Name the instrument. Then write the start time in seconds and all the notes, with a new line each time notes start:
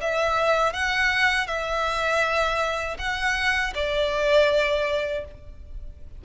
violin
0.00 E5
0.73 F#5
1.47 E5
2.98 F#5
3.74 D5